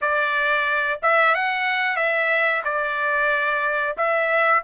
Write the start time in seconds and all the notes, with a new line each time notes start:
0.01 D5
1.02 E5
1.34 F#5
1.96 E5
2.64 D5
3.97 E5